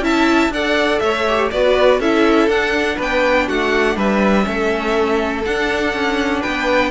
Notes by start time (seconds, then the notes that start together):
0.00 C#4 E4 E5 A5
0.50 D4 A4 D5 F#5
1.00 A3 C#5 E5
1.29 G4
1.51 B3 F#4 B4 D5
2.00 C#4 E4 A4 E5
2.48 D4 F#5
2.96 B3 B4
3.02 G5
3.48 A3 F#4 F#5
3.97 G3 B4 E5
4.44 A3 C#4 A4
5.45 D4 F#5
5.94 C#4
6.41 B3 B4 G5